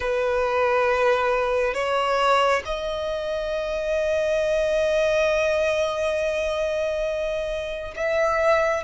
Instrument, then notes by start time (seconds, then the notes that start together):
violin
0.00 B4
1.74 C#5
2.65 D#5
7.95 E5